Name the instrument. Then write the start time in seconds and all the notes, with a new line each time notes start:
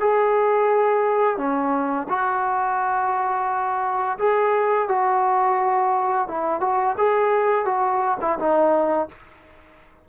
trombone
0.00 G#4
1.37 C#4
2.09 F#4
4.19 G#4
4.88 F#4
6.28 E4
6.61 F#4
6.98 G#4
7.66 F#4
8.21 E4
8.39 D#4